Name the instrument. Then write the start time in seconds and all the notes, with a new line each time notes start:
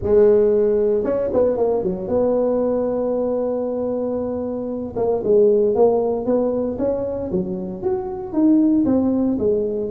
tuba
0.02 G#3
1.03 C#4
1.33 B3
1.57 A#3
1.83 F#3
2.08 B3
4.96 A#3
5.23 G#3
5.75 A#3
6.25 B3
6.78 C#4
7.31 F#3
7.82 F#4
8.32 D#4
8.85 C4
9.38 G#3